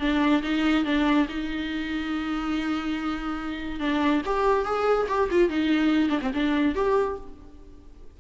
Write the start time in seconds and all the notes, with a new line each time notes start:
0.00 D4
0.43 D#4
0.85 D4
1.29 D#4
3.80 D4
4.26 G4
4.65 G#4
5.08 G4
5.31 F4
5.49 D#4
6.09 D4
6.22 C4
6.34 D4
6.75 G4